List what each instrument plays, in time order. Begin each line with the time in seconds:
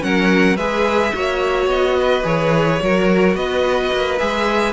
0.00 cello F#3, viola C#4, violin A#4 F#5
0.57 cello G#3, viola G#4, violin B4 E5
1.14 cello A#3, viola F#4, violin C#5
1.67 cello B3, violin D#5
1.99 violin B4
2.24 cello E3, viola G#4, violin C#5
2.79 cello F#3, viola F#4, violin A#4
3.35 cello B3, violin B4 D#5
3.93 cello A#3
4.19 cello G#3, viola G#4, violin E5